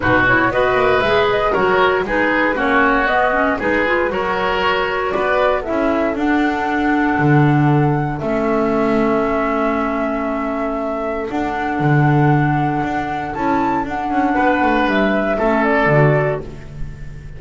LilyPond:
<<
  \new Staff \with { instrumentName = "flute" } { \time 4/4 \tempo 4 = 117 b'8 cis''8 dis''4 e''8 dis''8 cis''4 | b'4 cis''4 dis''4 b'4 | cis''2 d''4 e''4 | fis''1 |
e''1~ | e''2 fis''2~ | fis''2 a''4 fis''4~ | fis''4 e''4. d''4. | }
  \new Staff \with { instrumentName = "oboe" } { \time 4/4 fis'4 b'2 ais'4 | gis'4 fis'2 gis'4 | ais'2 b'4 a'4~ | a'1~ |
a'1~ | a'1~ | a'1 | b'2 a'2 | }
  \new Staff \with { instrumentName = "clarinet" } { \time 4/4 dis'8 e'8 fis'4 gis'4 fis'4 | dis'4 cis'4 b8 cis'8 dis'8 f'8 | fis'2. e'4 | d'1 |
cis'1~ | cis'2 d'2~ | d'2 e'4 d'4~ | d'2 cis'4 fis'4 | }
  \new Staff \with { instrumentName = "double bass" } { \time 4/4 b,4 b8 ais8 gis4 fis4 | gis4 ais4 b4 gis4 | fis2 b4 cis'4 | d'2 d2 |
a1~ | a2 d'4 d4~ | d4 d'4 cis'4 d'8 cis'8 | b8 a8 g4 a4 d4 | }
>>